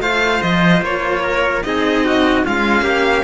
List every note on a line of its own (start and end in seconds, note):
0.00 0.41 A3
0.00 1.63 F4
0.00 1.22 C5
0.00 0.41 F5
0.41 0.81 F3
0.41 0.82 D#5
0.81 1.62 A#3
0.81 1.62 C#5
1.22 1.63 A#4
1.62 2.44 C4
1.62 2.44 D#4
1.62 2.05 G#4
1.62 2.44 D#5
2.05 2.45 F#4
2.44 2.81 G#3
2.44 3.24 C#4
2.44 2.83 F4
2.44 3.24 F5
2.81 3.22 A#3
2.81 3.23 G4